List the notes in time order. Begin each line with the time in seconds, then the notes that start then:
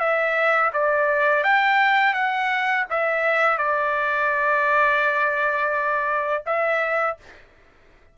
0.00 E5
0.73 D5
1.44 G5
2.14 F#5
2.90 E5
3.58 D5
6.46 E5